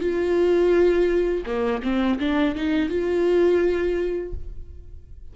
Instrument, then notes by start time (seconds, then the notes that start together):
viola
0.00 F4
1.46 A#3
1.83 C4
2.19 D4
2.55 D#4
2.89 F4